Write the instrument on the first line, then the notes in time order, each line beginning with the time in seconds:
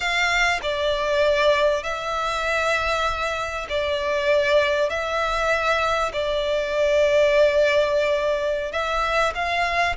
violin
0.00 F5
0.62 D5
1.83 E5
3.69 D5
4.89 E5
6.12 D5
8.72 E5
9.34 F5